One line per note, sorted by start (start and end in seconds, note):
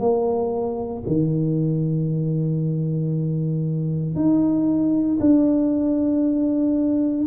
0.00 1.03 A#3
1.07 4.16 D#3
4.16 5.19 D#4
5.21 7.27 D4